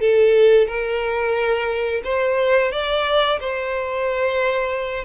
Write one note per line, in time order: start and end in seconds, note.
0.00 0.67 A4
0.67 2.02 A#4
2.04 2.72 C5
2.72 3.39 D5
3.40 5.04 C5